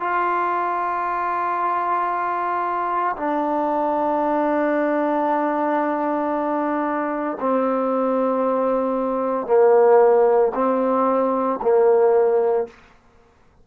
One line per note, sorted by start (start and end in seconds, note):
0.00 3.16 F4
3.16 7.37 D4
7.40 9.46 C4
9.46 10.52 A#3
10.54 11.59 C4
11.62 12.67 A#3